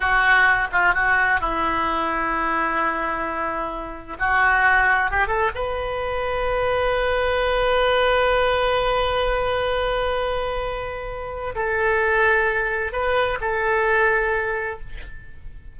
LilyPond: \new Staff \with { instrumentName = "oboe" } { \time 4/4 \tempo 4 = 130 fis'4. f'8 fis'4 e'4~ | e'1~ | e'4 fis'2 g'8 a'8 | b'1~ |
b'1~ | b'1~ | b'4 a'2. | b'4 a'2. | }